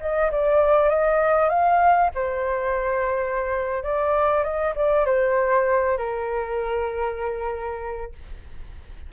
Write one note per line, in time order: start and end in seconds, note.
0.00 0.31 D#5
0.31 0.89 D5
0.89 1.49 D#5
1.49 2.10 F5
2.14 3.83 C5
3.83 4.43 D5
4.43 4.74 D#5
4.75 5.05 D5
5.05 5.97 C5
5.97 8.12 A#4